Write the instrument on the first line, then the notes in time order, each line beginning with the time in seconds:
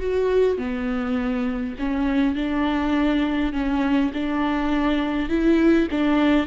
viola
0.00 F#4
0.58 B3
1.79 C#4
2.35 D4
3.53 C#4
4.14 D4
5.29 E4
5.91 D4